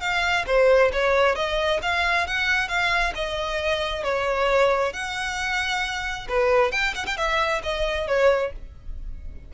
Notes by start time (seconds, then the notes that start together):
0.00 F5
0.46 C5
0.92 C#5
1.35 D#5
1.82 F5
2.27 F#5
2.68 F5
3.15 D#5
4.03 C#5
4.93 F#5
6.28 B4
6.72 G5
6.94 F#5
7.06 G5
7.17 E5
7.63 D#5
8.07 C#5